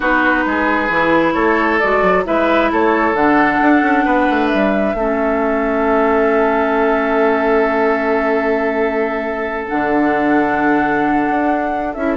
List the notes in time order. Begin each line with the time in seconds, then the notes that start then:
0.00 B3 D#4 F#4 B4
0.45 G#3 G#4
0.89 E3 E4
1.33 A3 A4 C#5
1.79 G#3 F#4 D5
2.02 F#3
2.24 G#3 E4 B4 E5
2.71 A3 A4 C#5
3.13 D3 D4 F#5
3.61 D4
3.82 C#4
4.05 B3 B4
4.30 A3
4.47 E5
4.53 G3
4.94 A3 C#4 A4
9.68 D3 D4 F#5
11.29 D4
11.94 C#4 E4 E5